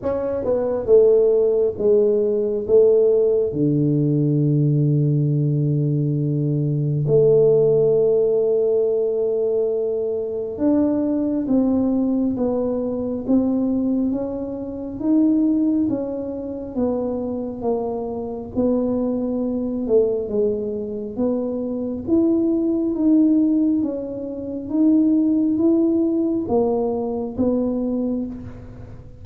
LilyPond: \new Staff \with { instrumentName = "tuba" } { \time 4/4 \tempo 4 = 68 cis'8 b8 a4 gis4 a4 | d1 | a1 | d'4 c'4 b4 c'4 |
cis'4 dis'4 cis'4 b4 | ais4 b4. a8 gis4 | b4 e'4 dis'4 cis'4 | dis'4 e'4 ais4 b4 | }